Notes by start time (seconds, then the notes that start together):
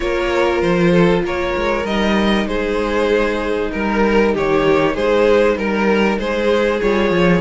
0.00 A#3 F4 A#4 C#5
0.61 F3 C5
0.91 A4
1.24 A#3 A#4 C#5
1.56 G#3
1.84 G3 D#4 D#5
2.45 G#3 G#4 C5
3.72 G3 A#4
4.34 D#3 G4 C#5
4.93 G#3 G#4 C5
5.56 G3 A#4
6.18 G#3 G#4 C5
6.81 G3 F4 C#5
7.10 F3